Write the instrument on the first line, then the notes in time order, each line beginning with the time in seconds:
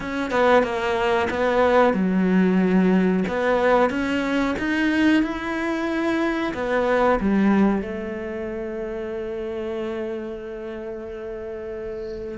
cello
0.00 C#4
0.31 B3
0.63 A#3
1.30 B3
1.93 F#3
3.28 B3
3.90 C#4
4.58 D#4
5.22 E4
6.54 B3
7.20 G3
7.82 A3